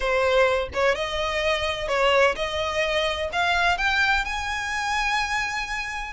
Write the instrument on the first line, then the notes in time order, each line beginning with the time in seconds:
violin
0.00 C5
0.73 C#5
0.95 D#5
1.88 C#5
2.35 D#5
3.32 F5
3.77 G5
4.24 G#5